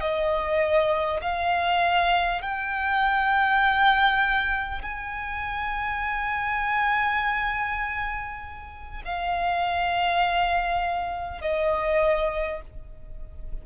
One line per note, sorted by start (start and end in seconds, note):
0.00 1.20 D#5
1.22 2.41 F5
2.41 4.81 G5
4.82 9.02 G#5
9.04 11.41 F5
11.41 12.61 D#5